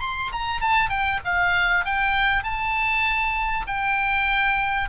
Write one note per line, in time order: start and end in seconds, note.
0.00 0.31 C6
0.32 0.61 A#5
0.61 0.89 A5
0.89 1.19 G5
1.24 1.85 F5
1.85 2.43 G5
2.43 3.65 A5
3.67 4.89 G5